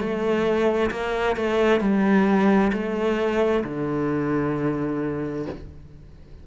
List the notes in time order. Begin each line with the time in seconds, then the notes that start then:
0.00 A3
0.91 A#3
1.37 A3
1.81 G3
2.73 A3
3.64 D3